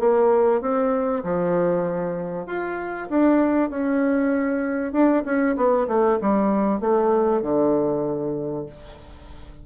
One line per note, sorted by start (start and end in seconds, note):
0.00 0.62 A#3
0.62 1.24 C4
1.24 2.47 F3
2.47 3.09 F4
3.10 3.70 D4
3.70 4.93 C#4
4.93 5.24 D4
5.25 5.56 C#4
5.57 5.88 B3
5.88 6.19 A3
6.22 6.81 G3
6.81 7.43 A3
7.43 8.66 D3